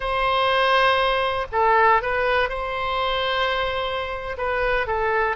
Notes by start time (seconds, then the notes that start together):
0.00 C5
1.51 A4
2.02 B4
2.49 C5
4.37 B4
4.86 A4